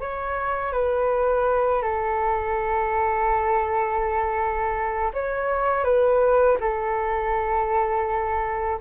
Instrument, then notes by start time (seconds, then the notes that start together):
flute
0.00 C#5
0.73 B4
1.82 A4
5.13 C#5
5.84 B4
6.60 A4